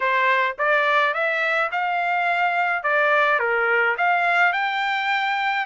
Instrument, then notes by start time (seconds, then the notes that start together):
trumpet
0.00 C5
0.58 D5
1.13 E5
1.71 F5
2.83 D5
3.39 A#4
3.97 F5
4.53 G5